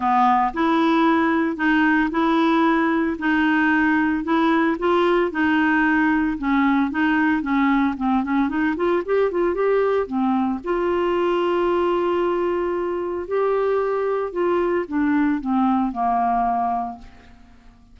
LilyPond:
\new Staff \with { instrumentName = "clarinet" } { \time 4/4 \tempo 4 = 113 b4 e'2 dis'4 | e'2 dis'2 | e'4 f'4 dis'2 | cis'4 dis'4 cis'4 c'8 cis'8 |
dis'8 f'8 g'8 f'8 g'4 c'4 | f'1~ | f'4 g'2 f'4 | d'4 c'4 ais2 | }